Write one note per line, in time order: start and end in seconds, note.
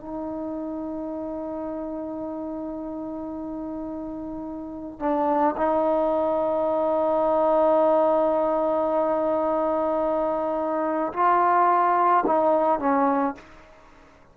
0.00 4.99 D#4
4.99 5.55 D4
5.58 11.13 D#4
11.13 12.24 F4
12.27 12.80 D#4
12.80 13.35 C#4